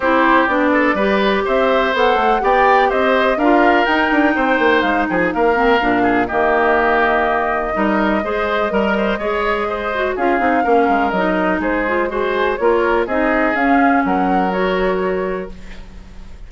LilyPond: <<
  \new Staff \with { instrumentName = "flute" } { \time 4/4 \tempo 4 = 124 c''4 d''2 e''4 | fis''4 g''4 dis''4 f''4 | g''2 f''8 g''16 gis''16 f''4~ | f''4 dis''2.~ |
dis''1~ | dis''4 f''2 dis''4 | c''4 gis'4 cis''4 dis''4 | f''4 fis''4 cis''2 | }
  \new Staff \with { instrumentName = "oboe" } { \time 4/4 g'4. a'8 b'4 c''4~ | c''4 d''4 c''4 ais'4~ | ais'4 c''4. gis'8 ais'4~ | ais'8 gis'8 g'2. |
ais'4 c''4 ais'8 c''8 cis''4 | c''4 gis'4 ais'2 | gis'4 c''4 ais'4 gis'4~ | gis'4 ais'2. | }
  \new Staff \with { instrumentName = "clarinet" } { \time 4/4 e'4 d'4 g'2 | a'4 g'2 f'4 | dis'2.~ dis'8 c'8 | d'4 ais2. |
dis'4 gis'4 ais'4 gis'4~ | gis'8 fis'8 f'8 dis'8 cis'4 dis'4~ | dis'8 f'8 fis'4 f'4 dis'4 | cis'2 fis'2 | }
  \new Staff \with { instrumentName = "bassoon" } { \time 4/4 c'4 b4 g4 c'4 | b8 a8 b4 c'4 d'4 | dis'8 d'8 c'8 ais8 gis8 f8 ais4 | ais,4 dis2. |
g4 gis4 g4 gis4~ | gis4 cis'8 c'8 ais8 gis8 fis4 | gis2 ais4 c'4 | cis'4 fis2. | }
>>